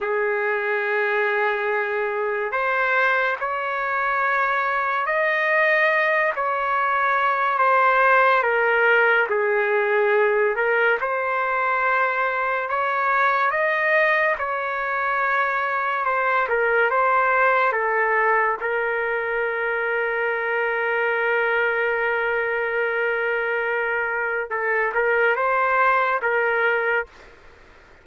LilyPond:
\new Staff \with { instrumentName = "trumpet" } { \time 4/4 \tempo 4 = 71 gis'2. c''4 | cis''2 dis''4. cis''8~ | cis''4 c''4 ais'4 gis'4~ | gis'8 ais'8 c''2 cis''4 |
dis''4 cis''2 c''8 ais'8 | c''4 a'4 ais'2~ | ais'1~ | ais'4 a'8 ais'8 c''4 ais'4 | }